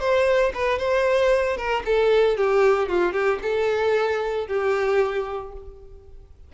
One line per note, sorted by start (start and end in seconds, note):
0.00 0.53 C5
0.55 0.79 B4
0.79 1.57 C5
1.57 1.83 A#4
1.86 2.38 A4
2.38 2.89 G4
2.89 3.13 F4
3.13 3.39 G4
3.43 4.48 A4
4.48 5.53 G4